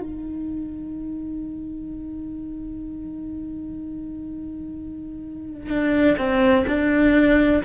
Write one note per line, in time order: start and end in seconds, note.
0.00 5.69 D#4
5.69 6.17 D4
6.18 6.65 C4
6.67 7.62 D4